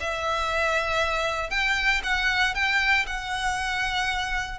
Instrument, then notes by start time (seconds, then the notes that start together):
violin
0.00 E5
1.50 G5
2.03 F#5
2.55 G5
3.07 F#5